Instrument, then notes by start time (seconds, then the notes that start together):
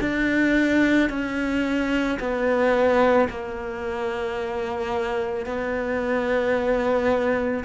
cello
0.00 D4
1.09 C#4
2.19 B3
3.29 A#3
5.45 B3